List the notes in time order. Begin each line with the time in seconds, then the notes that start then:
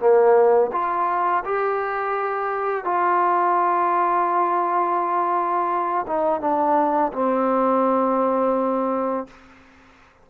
0.00 A#3
0.73 F4
1.45 G4
2.85 F4
6.07 D#4
6.41 D4
7.13 C4